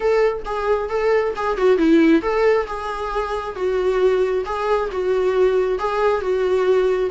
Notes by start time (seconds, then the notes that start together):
0.00 A4
0.45 G#4
0.89 A4
1.36 G#4
1.57 F#4
1.77 E4
2.21 A4
2.67 G#4
3.55 F#4
4.45 G#4
4.91 F#4
5.79 G#4
6.21 F#4